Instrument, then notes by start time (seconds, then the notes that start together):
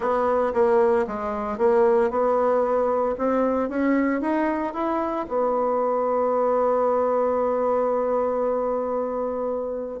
bassoon
0.00 B3
0.53 A#3
1.07 G#3
1.58 A#3
2.10 B3
3.17 C4
3.69 C#4
4.21 D#4
4.73 E4
5.28 B3